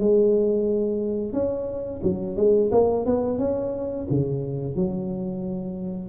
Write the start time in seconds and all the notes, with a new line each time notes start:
0.00 G#3
1.33 C#4
2.03 F#3
2.37 G#3
2.72 A#3
3.06 B3
3.39 C#4
4.10 C#3
4.76 F#3